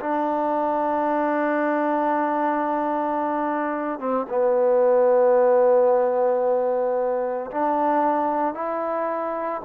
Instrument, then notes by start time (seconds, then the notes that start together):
trombone
0.00 D4
3.99 C4
4.29 B3
7.51 D4
8.54 E4